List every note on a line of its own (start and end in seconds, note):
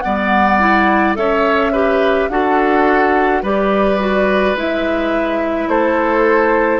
0.00 1.16 G3
0.00 0.59 B3
0.00 1.17 D5
0.00 1.13 F#5
0.59 1.15 E4
1.15 2.29 C#4
1.15 1.71 A4
1.15 1.72 C#5
1.15 2.29 E5
1.72 2.30 G4
1.72 2.28 B4
2.29 3.42 D4
2.29 3.43 F#4
2.29 3.42 A4
2.29 3.42 F#5
3.42 4.54 G3
3.42 3.99 G4
3.42 5.69 B4
3.42 4.57 D5
3.99 4.56 F#4
4.54 5.67 G#3
4.54 6.79 E4
4.54 5.69 E5
5.68 6.79 A3
5.68 6.79 A4
5.68 6.79 C5